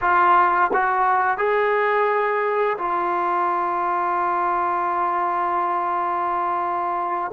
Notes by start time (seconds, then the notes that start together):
0.01 F4
0.73 F#4
1.37 G#4
2.77 F4